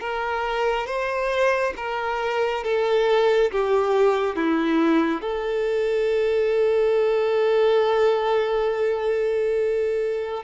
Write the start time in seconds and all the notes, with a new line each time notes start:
0.00 A#4
0.87 C5
1.77 A#4
2.64 A4
3.51 G4
4.36 E4
5.21 A4